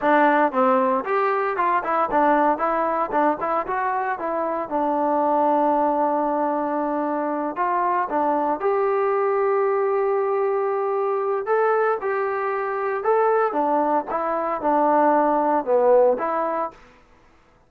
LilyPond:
\new Staff \with { instrumentName = "trombone" } { \time 4/4 \tempo 4 = 115 d'4 c'4 g'4 f'8 e'8 | d'4 e'4 d'8 e'8 fis'4 | e'4 d'2.~ | d'2~ d'8 f'4 d'8~ |
d'8 g'2.~ g'8~ | g'2 a'4 g'4~ | g'4 a'4 d'4 e'4 | d'2 b4 e'4 | }